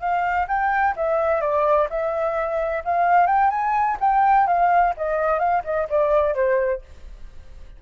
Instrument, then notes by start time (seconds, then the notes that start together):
flute
0.00 F5
0.48 G5
0.97 E5
1.41 D5
1.90 E5
2.85 F5
3.27 G5
3.50 G#5
4.00 G5
4.47 F5
4.97 D#5
5.39 F5
5.64 D#5
5.90 D5
6.35 C5